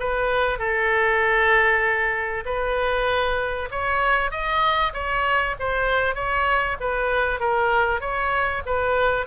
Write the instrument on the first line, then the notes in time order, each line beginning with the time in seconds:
oboe
0.00 B4
0.59 A4
2.45 B4
3.71 C#5
4.31 D#5
4.93 C#5
5.60 C5
6.15 C#5
6.80 B4
7.40 A#4
8.00 C#5
8.66 B4